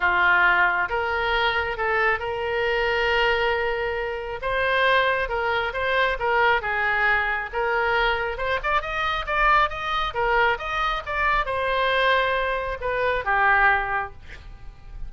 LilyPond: \new Staff \with { instrumentName = "oboe" } { \time 4/4 \tempo 4 = 136 f'2 ais'2 | a'4 ais'2.~ | ais'2 c''2 | ais'4 c''4 ais'4 gis'4~ |
gis'4 ais'2 c''8 d''8 | dis''4 d''4 dis''4 ais'4 | dis''4 d''4 c''2~ | c''4 b'4 g'2 | }